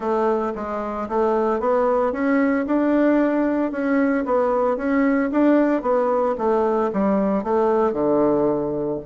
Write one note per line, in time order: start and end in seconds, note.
0.00 0.52 A3
0.55 1.08 G#3
1.09 1.60 A3
1.60 2.12 B3
2.12 2.65 C#4
2.66 3.71 D4
3.71 4.24 C#4
4.25 4.76 B3
4.76 5.30 C#4
5.31 5.82 D4
5.82 6.35 B3
6.37 6.91 A3
6.92 7.43 G3
7.43 7.92 A3
7.92 8.99 D3